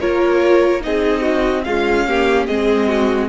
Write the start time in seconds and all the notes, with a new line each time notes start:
0.00 A#3 F4 A#4 C#5
0.81 C4 D#4 G#4 D#5
1.22 F#4
1.64 G#3 C#4 F4 F5
2.08 A#3 G4
2.46 G#3 C4 G#4 D#5
2.87 F#4